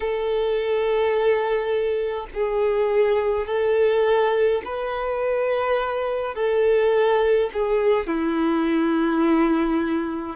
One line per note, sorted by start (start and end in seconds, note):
0.00 2.27 A4
2.34 3.46 G#4
3.46 4.62 A4
4.65 6.35 B4
6.35 7.50 A4
7.53 8.06 G#4
8.06 10.36 E4